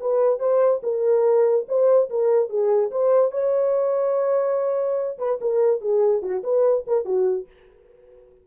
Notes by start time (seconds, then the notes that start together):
0.00 B4
0.39 C5
0.83 A#4
1.68 C5
2.10 A#4
2.49 G#4
2.91 C5
3.31 C#5
5.18 B4
5.41 A#4
5.81 G#4
6.22 F#4
6.43 B4
6.87 A#4
7.05 F#4